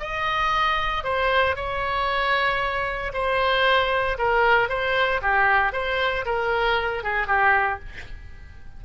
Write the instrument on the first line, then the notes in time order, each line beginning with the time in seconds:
oboe
0.00 D#5
1.04 C5
1.56 C#5
3.14 C5
4.19 A#4
4.69 C5
5.22 G4
5.73 C5
6.26 A#4
7.04 G#4
7.27 G4